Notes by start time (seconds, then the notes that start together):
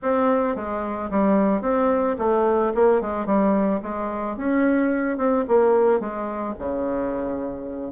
0.02 C4
0.55 G#3
1.10 G3
1.61 C4
2.18 A3
2.74 A#3
3.01 G#3
3.26 G3
3.82 G#3
4.36 C#4
5.17 C4
5.48 A#3
6.00 G#3
6.59 C#3